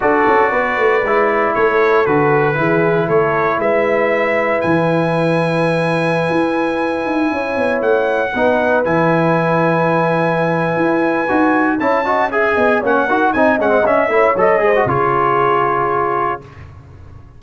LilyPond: <<
  \new Staff \with { instrumentName = "trumpet" } { \time 4/4 \tempo 4 = 117 d''2. cis''4 | b'2 cis''4 e''4~ | e''4 gis''2.~ | gis''2.~ gis''16 fis''8.~ |
fis''4~ fis''16 gis''2~ gis''8.~ | gis''2. a''4 | gis''4 fis''4 gis''8 fis''8 e''4 | dis''4 cis''2. | }
  \new Staff \with { instrumentName = "horn" } { \time 4/4 a'4 b'2 a'4~ | a'4 gis'4 a'4 b'4~ | b'1~ | b'2~ b'16 cis''4.~ cis''16~ |
cis''16 b'2.~ b'8.~ | b'2. cis''8 dis''8 | e''8 dis''8 cis''8 ais'8 dis''4. cis''8~ | cis''8 c''8 gis'2. | }
  \new Staff \with { instrumentName = "trombone" } { \time 4/4 fis'2 e'2 | fis'4 e'2.~ | e'1~ | e'1~ |
e'16 dis'4 e'2~ e'8.~ | e'2 fis'4 e'8 fis'8 | gis'4 cis'8 fis'8 dis'8 cis'16 c'16 cis'8 e'8 | a'8 gis'16 fis'16 f'2. | }
  \new Staff \with { instrumentName = "tuba" } { \time 4/4 d'8 cis'8 b8 a8 gis4 a4 | d4 e4 a4 gis4~ | gis4 e2.~ | e16 e'4. dis'8 cis'8 b8 a8.~ |
a16 b4 e2~ e8.~ | e4 e'4 dis'4 cis'4~ | cis'8 b8 ais8 dis'8 c'8 gis8 cis'8 a8 | fis8 gis8 cis2. | }
>>